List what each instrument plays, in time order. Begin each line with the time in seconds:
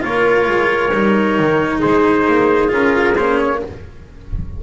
0.00 double bass A#3, cello F4, clarinet A#4, trumpet C#5
0.47 double bass G#3
0.93 double bass G3, cello D#4
1.38 double bass D#3
1.79 double bass G#3, clarinet G#4, trumpet C5
2.27 double bass A#3
2.68 double bass C#4, cello F4, trumpet A#4
3.16 double bass A#3, cello C#4, trumpet C5
3.38 trumpet C#5